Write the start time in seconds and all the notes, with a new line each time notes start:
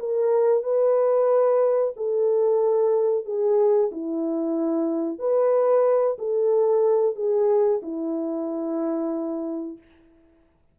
0.00 A#4
0.63 B4
1.97 A4
3.25 G#4
3.92 E4
5.19 B4
6.19 A4
7.16 G#4
7.83 E4